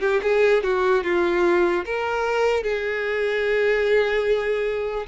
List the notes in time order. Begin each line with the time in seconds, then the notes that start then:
0.00 G4
0.22 G#4
0.63 F#4
1.03 F4
1.85 A#4
2.63 G#4